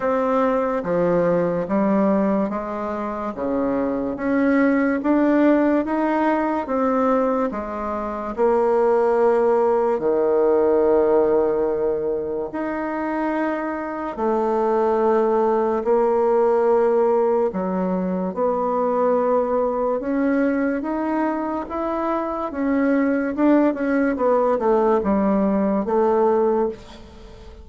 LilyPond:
\new Staff \with { instrumentName = "bassoon" } { \time 4/4 \tempo 4 = 72 c'4 f4 g4 gis4 | cis4 cis'4 d'4 dis'4 | c'4 gis4 ais2 | dis2. dis'4~ |
dis'4 a2 ais4~ | ais4 fis4 b2 | cis'4 dis'4 e'4 cis'4 | d'8 cis'8 b8 a8 g4 a4 | }